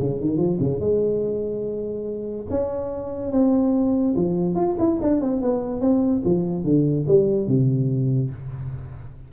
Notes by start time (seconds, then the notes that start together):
0.00 C#3
0.21 D#3
0.38 F3
0.60 C#3
0.80 G#3
2.50 C#4
3.32 C4
4.16 F3
4.55 F4
4.79 E4
5.02 D4
5.21 C4
5.42 B3
5.81 C4
6.25 F3
6.64 D3
7.08 G3
7.48 C3